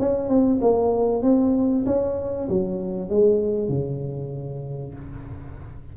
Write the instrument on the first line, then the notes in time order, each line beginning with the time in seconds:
tuba
0.00 C#4
0.29 C4
0.62 A#3
1.23 C4
1.86 C#4
2.49 F#3
3.10 G#3
3.69 C#3